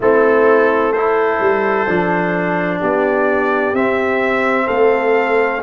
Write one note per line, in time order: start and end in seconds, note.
0.00 1.38 A3
0.00 0.95 C4
0.00 0.91 E4
0.00 0.92 A4
0.91 1.87 E4
0.91 2.78 A4
0.91 2.79 C5
1.39 1.86 G3
1.87 2.81 F3
1.87 3.74 D4
2.80 3.72 B3
2.80 4.65 G4
2.80 3.75 D5
3.72 4.66 C4
3.72 5.62 C4
3.72 4.67 E5
4.65 5.63 A3
4.65 5.59 A4
4.65 5.61 F5